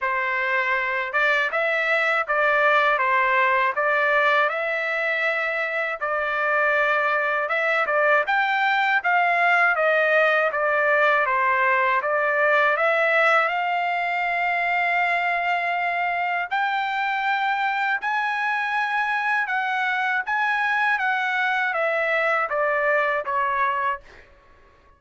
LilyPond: \new Staff \with { instrumentName = "trumpet" } { \time 4/4 \tempo 4 = 80 c''4. d''8 e''4 d''4 | c''4 d''4 e''2 | d''2 e''8 d''8 g''4 | f''4 dis''4 d''4 c''4 |
d''4 e''4 f''2~ | f''2 g''2 | gis''2 fis''4 gis''4 | fis''4 e''4 d''4 cis''4 | }